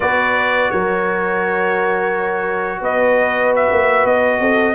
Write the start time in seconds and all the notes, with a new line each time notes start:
0.00 B3 F#4 B4 D5
0.70 F#3 A#4 C#5
2.80 B3 B4 D#5
3.55 E5
3.71 A#3
4.05 B3 D#5
4.40 C4 A4